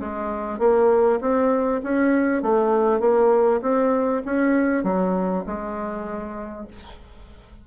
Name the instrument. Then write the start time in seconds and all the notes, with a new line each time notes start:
bassoon
0.00 G#3
0.59 A#3
1.21 C4
1.83 C#4
2.43 A3
3.00 A#3
3.62 C4
4.25 C#4
4.84 F#3
5.46 G#3